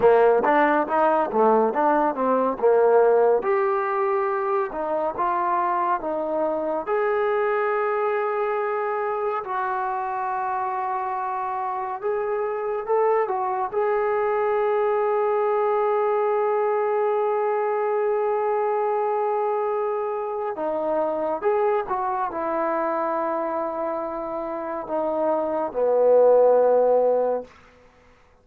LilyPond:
\new Staff \with { instrumentName = "trombone" } { \time 4/4 \tempo 4 = 70 ais8 d'8 dis'8 a8 d'8 c'8 ais4 | g'4. dis'8 f'4 dis'4 | gis'2. fis'4~ | fis'2 gis'4 a'8 fis'8 |
gis'1~ | gis'1 | dis'4 gis'8 fis'8 e'2~ | e'4 dis'4 b2 | }